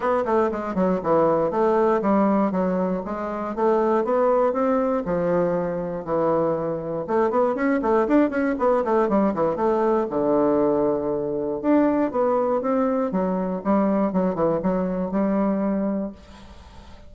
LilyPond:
\new Staff \with { instrumentName = "bassoon" } { \time 4/4 \tempo 4 = 119 b8 a8 gis8 fis8 e4 a4 | g4 fis4 gis4 a4 | b4 c'4 f2 | e2 a8 b8 cis'8 a8 |
d'8 cis'8 b8 a8 g8 e8 a4 | d2. d'4 | b4 c'4 fis4 g4 | fis8 e8 fis4 g2 | }